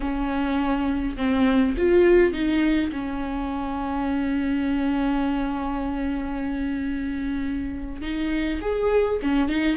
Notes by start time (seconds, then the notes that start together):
0.00 C#4
1.17 C4
1.77 F4
2.32 D#4
2.92 C#4
8.01 D#4
8.61 G#4
9.22 C#4
9.48 D#4